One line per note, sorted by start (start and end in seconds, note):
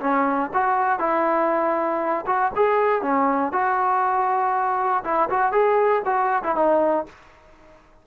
0.00 0.50 C#4
0.54 0.99 F#4
0.99 2.26 E4
2.27 2.52 F#4
2.56 3.02 G#4
3.02 3.52 C#4
3.52 5.04 F#4
5.04 5.29 E4
5.29 5.52 F#4
5.52 6.02 G#4
6.05 6.43 F#4
6.43 6.56 E4
6.56 7.06 D#4